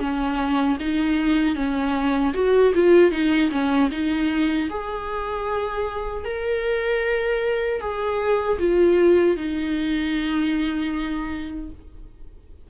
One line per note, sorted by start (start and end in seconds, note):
0.00 0.78 C#4
0.80 1.56 D#4
1.56 2.34 C#4
2.34 2.73 F#4
2.75 3.12 F4
3.12 3.51 D#4
3.51 3.90 C#4
3.91 4.69 D#4
4.70 6.25 G#4
6.25 7.81 A#4
7.81 8.59 G#4
8.59 9.37 F4
9.37 11.71 D#4